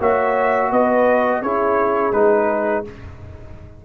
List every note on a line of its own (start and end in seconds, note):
0.00 0.71 A#3
0.00 1.44 F#4
0.00 0.70 C#5
0.00 0.72 E5
0.70 1.41 B3
0.70 1.41 B4
0.70 1.42 D#5
1.41 2.13 C#4
1.41 2.13 E4
1.41 2.85 G#4
1.41 2.13 C#5
2.13 2.85 G#3
2.13 2.85 D#4
2.13 2.84 B4